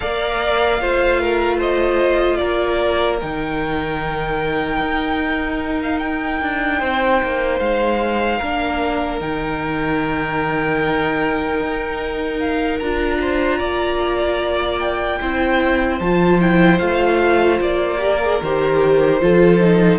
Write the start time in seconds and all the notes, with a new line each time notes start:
0.00 A#3 A#4 D5 F5
0.80 A3 F4 C5
1.20 A#4
1.57 C5 D#5
2.36 A#3 A#4 D5
3.20 D#3 D#4 G5
4.80 D#4
5.82 F5
5.99 G5
6.41 D4
6.78 C4 C5
7.22 A#3
7.59 G#3 F5
8.38 A#3 D4 A#4
9.20 D#3 D#4 G5
11.60 D#4
12.39 F5
12.79 D4 F4 A#5
13.20 C5
13.58 A#3 D5
14.79 G5
15.20 C4 E4 C5
16.00 F3 F4 A5
16.41 E4 G5
16.78 A3 F4 F5
17.61 A#3 D5
17.97 G4 A#4
18.21 G#4
18.42 D#3 G4 C5
19.21 F3 F4 A4
19.60 D#4